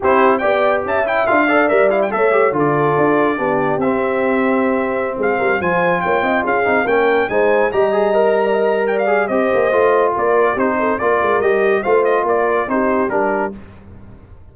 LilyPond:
<<
  \new Staff \with { instrumentName = "trumpet" } { \time 4/4 \tempo 4 = 142 c''4 g''4 a''8 g''8 f''4 | e''8 f''16 g''16 e''4 d''2~ | d''4 e''2.~ | e''16 f''4 gis''4 g''4 f''8.~ |
f''16 g''4 gis''4 ais''4.~ ais''16~ | ais''4 g''16 f''8. dis''2 | d''4 c''4 d''4 dis''4 | f''8 dis''8 d''4 c''4 ais'4 | }
  \new Staff \with { instrumentName = "horn" } { \time 4/4 g'4 d''4 e''4. d''8~ | d''4 cis''4 a'2 | g'1~ | g'16 gis'8 ais'8 c''4 cis''8 dis''8 gis'8.~ |
gis'16 ais'4 c''4 dis''4.~ dis''16 | d''16 dis''8. d''4 c''2 | ais'4 g'8 a'8 ais'2 | c''4 ais'4 g'2 | }
  \new Staff \with { instrumentName = "trombone" } { \time 4/4 e'4 g'4. e'8 f'8 a'8 | ais'8 e'8 a'8 g'8 f'2 | d'4 c'2.~ | c'4~ c'16 f'2~ f'8 dis'16~ |
dis'16 cis'4 dis'4 g'8 gis'8 ais'8.~ | ais'4. gis'8 g'4 f'4~ | f'4 dis'4 f'4 g'4 | f'2 dis'4 d'4 | }
  \new Staff \with { instrumentName = "tuba" } { \time 4/4 c'4 b4 cis'4 d'4 | g4 a4 d4 d'4 | b4 c'2.~ | c'16 gis8 g8 f4 ais8 c'8 cis'8 c'16~ |
c'16 ais4 gis4 g4.~ g16~ | g2 c'8 ais8 a4 | ais4 c'4 ais8 gis8 g4 | a4 ais4 c'4 g4 | }
>>